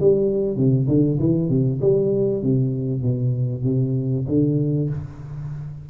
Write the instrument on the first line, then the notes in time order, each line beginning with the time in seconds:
tuba
0.00 G3
0.57 C3
0.88 D3
1.19 E3
1.50 C3
1.81 G3
2.43 C3
3.03 B2
3.64 C3
4.28 D3